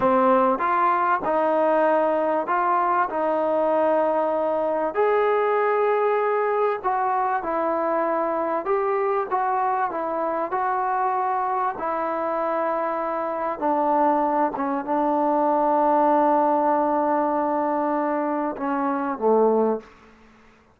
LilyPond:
\new Staff \with { instrumentName = "trombone" } { \time 4/4 \tempo 4 = 97 c'4 f'4 dis'2 | f'4 dis'2. | gis'2. fis'4 | e'2 g'4 fis'4 |
e'4 fis'2 e'4~ | e'2 d'4. cis'8 | d'1~ | d'2 cis'4 a4 | }